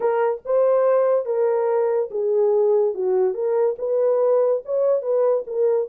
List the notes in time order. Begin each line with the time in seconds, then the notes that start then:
0.00 A#4
0.45 C5
1.25 A#4
2.10 G#4
2.94 F#4
3.34 A#4
3.78 B4
4.65 C#5
5.02 B4
5.46 A#4